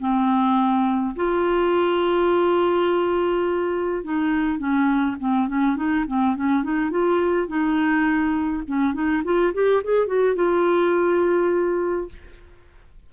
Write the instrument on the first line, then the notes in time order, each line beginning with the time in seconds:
clarinet
0.00 C4
1.16 F4
4.04 D#4
4.59 C#4
5.20 C4
5.48 C#4
5.76 D#4
6.08 C4
6.36 C#4
6.64 D#4
6.91 F4
7.48 D#4
8.68 C#4
8.94 D#4
9.25 F4
9.54 G4
9.84 G#4
10.07 F#4
10.36 F4